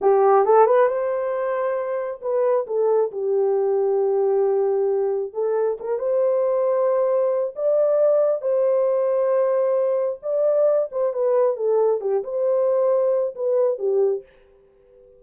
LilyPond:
\new Staff \with { instrumentName = "horn" } { \time 4/4 \tempo 4 = 135 g'4 a'8 b'8 c''2~ | c''4 b'4 a'4 g'4~ | g'1 | a'4 ais'8 c''2~ c''8~ |
c''4 d''2 c''4~ | c''2. d''4~ | d''8 c''8 b'4 a'4 g'8 c''8~ | c''2 b'4 g'4 | }